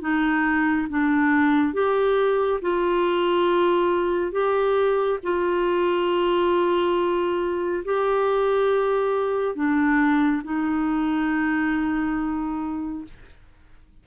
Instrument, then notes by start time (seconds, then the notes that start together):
clarinet
0.00 D#4
0.89 D4
1.73 G4
2.61 F4
4.32 G4
5.23 F4
7.84 G4
9.55 D4
10.43 D#4